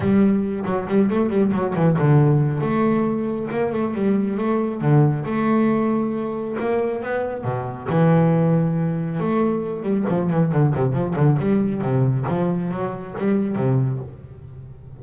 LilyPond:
\new Staff \with { instrumentName = "double bass" } { \time 4/4 \tempo 4 = 137 g4. fis8 g8 a8 g8 fis8 | e8 d4. a2 | ais8 a8 g4 a4 d4 | a2. ais4 |
b4 b,4 e2~ | e4 a4. g8 f8 e8 | d8 c8 f8 d8 g4 c4 | f4 fis4 g4 c4 | }